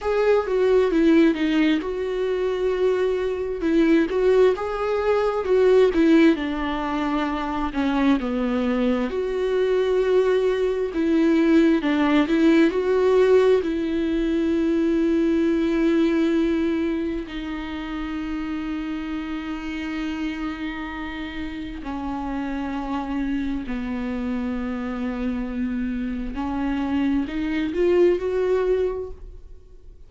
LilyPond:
\new Staff \with { instrumentName = "viola" } { \time 4/4 \tempo 4 = 66 gis'8 fis'8 e'8 dis'8 fis'2 | e'8 fis'8 gis'4 fis'8 e'8 d'4~ | d'8 cis'8 b4 fis'2 | e'4 d'8 e'8 fis'4 e'4~ |
e'2. dis'4~ | dis'1 | cis'2 b2~ | b4 cis'4 dis'8 f'8 fis'4 | }